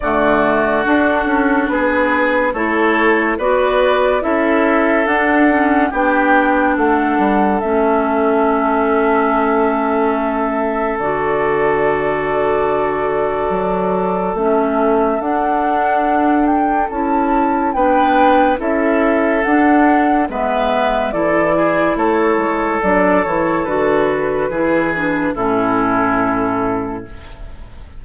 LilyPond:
<<
  \new Staff \with { instrumentName = "flute" } { \time 4/4 \tempo 4 = 71 d''4 a'4 b'4 cis''4 | d''4 e''4 fis''4 g''4 | fis''4 e''2.~ | e''4 d''2.~ |
d''4 e''4 fis''4. g''8 | a''4 g''4 e''4 fis''4 | e''4 d''4 cis''4 d''8 cis''8 | b'2 a'2 | }
  \new Staff \with { instrumentName = "oboe" } { \time 4/4 fis'2 gis'4 a'4 | b'4 a'2 g'4 | a'1~ | a'1~ |
a'1~ | a'4 b'4 a'2 | b'4 a'8 gis'8 a'2~ | a'4 gis'4 e'2 | }
  \new Staff \with { instrumentName = "clarinet" } { \time 4/4 a4 d'2 e'4 | fis'4 e'4 d'8 cis'8 d'4~ | d'4 cis'2.~ | cis'4 fis'2.~ |
fis'4 cis'4 d'2 | e'4 d'4 e'4 d'4 | b4 e'2 d'8 e'8 | fis'4 e'8 d'8 cis'2 | }
  \new Staff \with { instrumentName = "bassoon" } { \time 4/4 d4 d'8 cis'8 b4 a4 | b4 cis'4 d'4 b4 | a8 g8 a2.~ | a4 d2. |
fis4 a4 d'2 | cis'4 b4 cis'4 d'4 | gis4 e4 a8 gis8 fis8 e8 | d4 e4 a,2 | }
>>